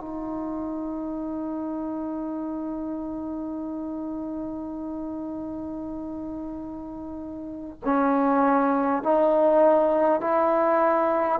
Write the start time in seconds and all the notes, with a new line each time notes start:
0.00 D#4
7.84 C#4
9.03 D#4
10.20 E4